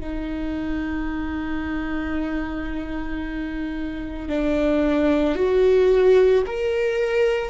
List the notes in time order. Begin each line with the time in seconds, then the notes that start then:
0.00 D#4
4.29 D4
5.36 F#4
6.46 A#4